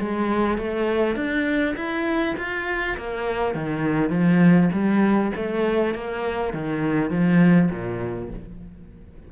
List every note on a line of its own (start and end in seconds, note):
0.00 0.59 G#3
0.59 1.16 A3
1.16 1.76 D4
1.77 2.36 E4
2.38 2.98 F4
2.98 3.55 A#3
3.55 4.10 D#3
4.10 4.70 F3
4.73 5.32 G3
5.36 5.95 A3
5.95 6.54 A#3
6.54 7.11 D#3
7.11 7.70 F3
7.71 8.30 A#2